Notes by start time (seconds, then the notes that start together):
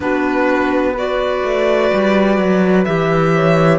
0.00 B3 D4 F#4 B4
0.92 F#4 B4 D5
1.43 A3
1.93 G3
2.38 F#3
2.85 E3 G4 E5
3.35 C#5